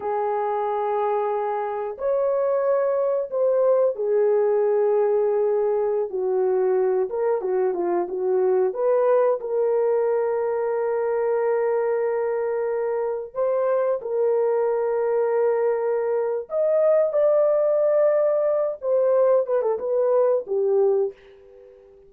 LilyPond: \new Staff \with { instrumentName = "horn" } { \time 4/4 \tempo 4 = 91 gis'2. cis''4~ | cis''4 c''4 gis'2~ | gis'4~ gis'16 fis'4. ais'8 fis'8 f'16~ | f'16 fis'4 b'4 ais'4.~ ais'16~ |
ais'1~ | ais'16 c''4 ais'2~ ais'8.~ | ais'4 dis''4 d''2~ | d''8 c''4 b'16 a'16 b'4 g'4 | }